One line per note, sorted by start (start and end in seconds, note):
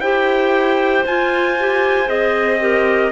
0.00 1.03 E4
0.00 1.06 G4
0.00 2.60 C5
0.00 1.04 G5
1.06 2.09 F4
1.06 1.59 F4
1.06 2.10 G#5
1.59 2.06 G4
2.06 3.12 C4
2.06 2.58 G#4
2.06 3.12 D#5
2.60 3.12 G4
2.60 3.12 A#4